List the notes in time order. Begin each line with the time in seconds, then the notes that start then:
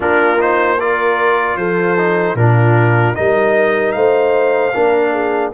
0.00 A#3 D4 F4 A#4
0.38 D#4 C5
0.80 F4 A#4 D5
1.56 F3 A4 C5
1.97 D#4
2.35 A#2 D4 F4 A#4
3.14 G3 D#4 A#4 D#5
3.91 A3 C5 F5
4.74 A#3 D4 A#4
5.12 G#4